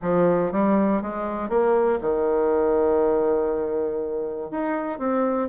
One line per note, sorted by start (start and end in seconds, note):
0.02 0.52 F3
0.52 1.02 G3
1.02 1.49 G#3
1.49 1.99 A#3
2.01 4.50 D#3
4.50 4.98 D#4
4.98 5.48 C4